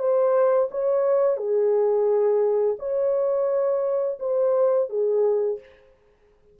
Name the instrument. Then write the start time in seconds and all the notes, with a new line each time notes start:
horn
0.00 C5
0.72 C#5
1.37 G#4
2.79 C#5
4.20 C5
4.90 G#4